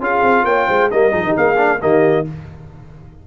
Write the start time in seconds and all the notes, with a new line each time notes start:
0.00 C#4 F4 G#4 F5
0.23 C4
0.44 A#3 C#5 G5
0.68 G#3 C5
0.91 G3 A#3 A#4 D#5
1.11 F3 D#4 G#4
1.24 D#3 G4
1.35 A#3 G#4 F5
1.57 D4
1.80 D#3 A#3 G4 D#5